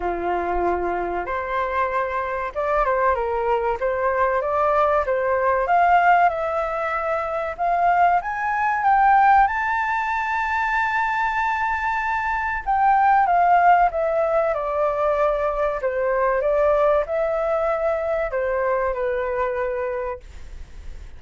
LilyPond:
\new Staff \with { instrumentName = "flute" } { \time 4/4 \tempo 4 = 95 f'2 c''2 | d''8 c''8 ais'4 c''4 d''4 | c''4 f''4 e''2 | f''4 gis''4 g''4 a''4~ |
a''1 | g''4 f''4 e''4 d''4~ | d''4 c''4 d''4 e''4~ | e''4 c''4 b'2 | }